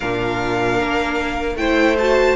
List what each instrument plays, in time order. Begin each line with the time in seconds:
0.00 cello A#2, viola D4, violin A#4 F5
0.80 cello A#3
1.55 cello A3, viola E4, violin C5 G5
1.98 viola F#4, violin A5